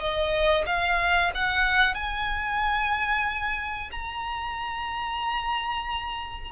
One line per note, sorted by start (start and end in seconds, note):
0.00 0.65 D#5
0.66 1.32 F5
1.35 1.94 F#5
1.94 3.90 G#5
3.92 6.52 A#5